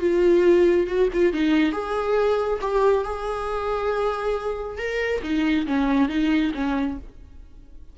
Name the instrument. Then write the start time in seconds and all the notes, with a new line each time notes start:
viola
0.00 F4
0.87 F#4
1.13 F4
1.33 D#4
1.72 G#4
2.61 G4
3.04 G#4
4.78 A#4
5.23 D#4
5.66 C#4
6.09 D#4
6.54 C#4